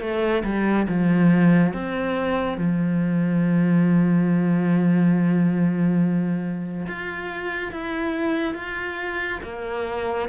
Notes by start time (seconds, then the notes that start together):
0.00 A3
0.44 G3
0.88 F3
1.73 C4
2.58 F3
6.86 F4
7.72 E4
8.54 F4
9.43 A#3